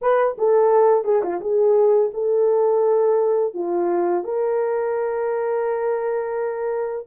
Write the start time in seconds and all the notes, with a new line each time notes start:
0.01 B4
0.38 A4
1.04 G#4
1.22 F4
1.40 G#4
2.13 A4
3.54 F4
4.24 A#4